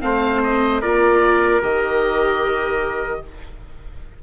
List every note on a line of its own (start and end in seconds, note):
0.00 0.82 A3
0.00 0.80 C4
0.00 0.81 C5
0.00 0.41 F5
0.43 0.81 D#5
0.81 1.62 A#3
0.81 1.61 F4
0.81 3.21 A#4
0.81 1.61 D5
1.61 3.22 D#3
1.61 3.21 G4
1.61 3.23 D#5